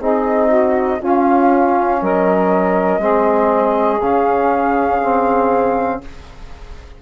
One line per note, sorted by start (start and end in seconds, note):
0.00 1.00 C4
0.00 1.02 D#4
0.00 0.48 G#4
0.00 1.02 D#5
0.48 0.98 F#4
0.99 3.01 C#4
0.99 2.02 C#4
0.99 1.99 F4
0.99 2.02 F5
2.02 2.98 F#3
2.02 3.01 A#4
2.02 4.01 D#5
2.98 3.98 G#3
2.98 4.01 C4
2.98 6.01 G#4
4.01 6.02 C#3
4.01 5.02 C#4
4.01 6.01 F5
5.02 6.02 C4